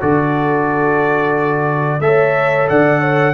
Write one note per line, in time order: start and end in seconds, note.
0.00 1.99 D3
0.00 2.01 F#4
0.00 2.00 A4
0.00 2.01 D5
1.99 2.66 A3
1.99 3.33 A4
1.99 2.70 C#5
1.99 2.67 E5
2.69 3.33 D3
2.69 3.00 D5
2.69 3.33 F#5
3.00 3.33 C#5